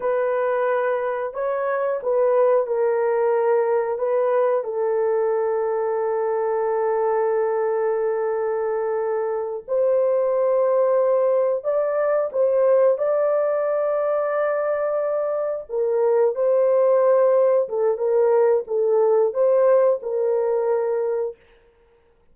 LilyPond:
\new Staff \with { instrumentName = "horn" } { \time 4/4 \tempo 4 = 90 b'2 cis''4 b'4 | ais'2 b'4 a'4~ | a'1~ | a'2~ a'8 c''4.~ |
c''4. d''4 c''4 d''8~ | d''2.~ d''8 ais'8~ | ais'8 c''2 a'8 ais'4 | a'4 c''4 ais'2 | }